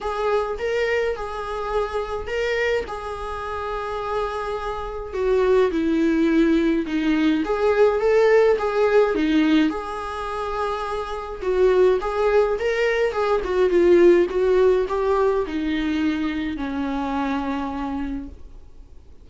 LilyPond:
\new Staff \with { instrumentName = "viola" } { \time 4/4 \tempo 4 = 105 gis'4 ais'4 gis'2 | ais'4 gis'2.~ | gis'4 fis'4 e'2 | dis'4 gis'4 a'4 gis'4 |
dis'4 gis'2. | fis'4 gis'4 ais'4 gis'8 fis'8 | f'4 fis'4 g'4 dis'4~ | dis'4 cis'2. | }